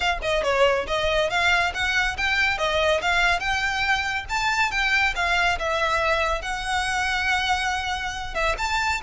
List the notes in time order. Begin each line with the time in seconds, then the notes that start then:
0.00 F5
0.22 D#5
0.43 C#5
0.87 D#5
1.30 F5
1.74 F#5
2.17 G5
2.58 D#5
3.01 F5
3.39 G5
4.29 A5
4.71 G5
5.15 F5
5.59 E5
6.41 F#5
8.34 E5
8.58 A5